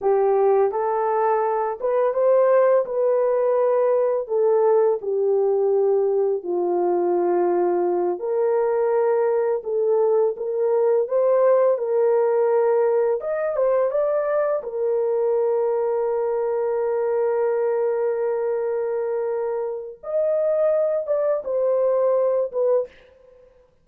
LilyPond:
\new Staff \with { instrumentName = "horn" } { \time 4/4 \tempo 4 = 84 g'4 a'4. b'8 c''4 | b'2 a'4 g'4~ | g'4 f'2~ f'8 ais'8~ | ais'4. a'4 ais'4 c''8~ |
c''8 ais'2 dis''8 c''8 d''8~ | d''8 ais'2.~ ais'8~ | ais'1 | dis''4. d''8 c''4. b'8 | }